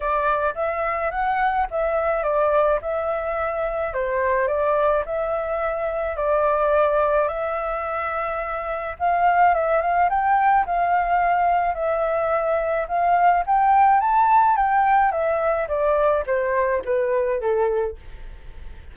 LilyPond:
\new Staff \with { instrumentName = "flute" } { \time 4/4 \tempo 4 = 107 d''4 e''4 fis''4 e''4 | d''4 e''2 c''4 | d''4 e''2 d''4~ | d''4 e''2. |
f''4 e''8 f''8 g''4 f''4~ | f''4 e''2 f''4 | g''4 a''4 g''4 e''4 | d''4 c''4 b'4 a'4 | }